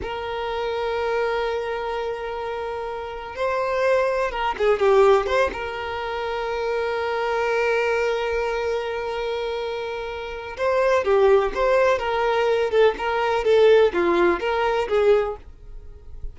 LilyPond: \new Staff \with { instrumentName = "violin" } { \time 4/4 \tempo 4 = 125 ais'1~ | ais'2. c''4~ | c''4 ais'8 gis'8 g'4 c''8 ais'8~ | ais'1~ |
ais'1~ | ais'2 c''4 g'4 | c''4 ais'4. a'8 ais'4 | a'4 f'4 ais'4 gis'4 | }